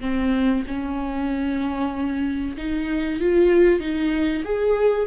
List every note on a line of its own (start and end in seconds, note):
0.00 0.63 C4
0.67 2.56 C#4
2.57 3.20 D#4
3.20 3.80 F4
3.80 4.43 D#4
4.44 5.06 G#4